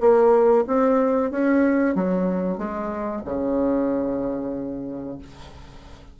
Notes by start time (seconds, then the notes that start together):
0.00 A#3
0.67 C4
1.30 C#4
1.95 F#3
2.57 G#3
3.25 C#3